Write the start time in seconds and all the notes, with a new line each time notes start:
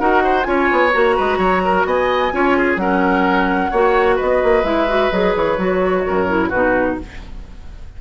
0.00 D#4 F#4 A#4 F#5
0.24 C5
0.44 C#4 F4 C#5 G#5
0.72 B3
0.93 A#3 F#4 A#5
1.16 G#3 B4
1.38 F#3 C#5
1.65 A#4
1.86 B3 D#5 G#5
2.32 C#4 F4 C#5
2.58 G#4
2.76 F#3 C#4 A#4 F#5
3.71 A#3 F#4 C#5
4.16 B3 B4 D#5
4.43 A#3
4.64 G#3 E4 E5
4.88 F#4
5.12 F#3 G#4 D#5
5.36 E3 C#5
5.58 F#3 F#4
6.06 F#2 A#4
6.28 E4
6.49 B2 D#4 F#4 B4